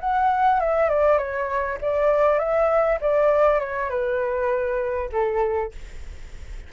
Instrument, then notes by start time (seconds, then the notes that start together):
flute
0.00 F#5
0.60 E5
0.89 D5
1.18 C#5
1.81 D5
2.39 E5
3.01 D5
3.59 C#5
3.89 B4
5.12 A4